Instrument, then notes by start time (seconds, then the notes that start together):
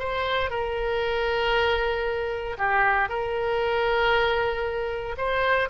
oboe
0.00 C5
0.51 A#4
2.58 G4
3.10 A#4
5.18 C5